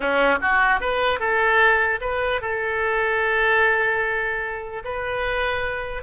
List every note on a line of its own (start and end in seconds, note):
0.00 0.38 C#4
0.41 0.80 F#4
0.80 1.19 B4
1.19 2.00 A4
2.01 2.41 B4
2.41 4.82 A4
4.84 6.03 B4